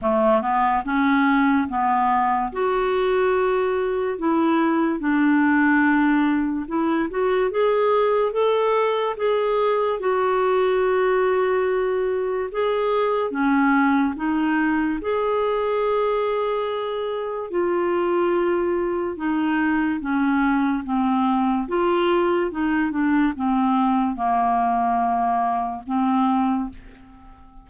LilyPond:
\new Staff \with { instrumentName = "clarinet" } { \time 4/4 \tempo 4 = 72 a8 b8 cis'4 b4 fis'4~ | fis'4 e'4 d'2 | e'8 fis'8 gis'4 a'4 gis'4 | fis'2. gis'4 |
cis'4 dis'4 gis'2~ | gis'4 f'2 dis'4 | cis'4 c'4 f'4 dis'8 d'8 | c'4 ais2 c'4 | }